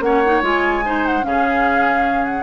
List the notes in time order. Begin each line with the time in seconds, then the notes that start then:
0.00 A#3 C#4 C#5 F#5
0.24 D#4
0.42 G#3 F4 G#5
0.85 D#4 C5
1.06 F#5
1.22 C#3 C#4 G#4 F5
2.24 F#5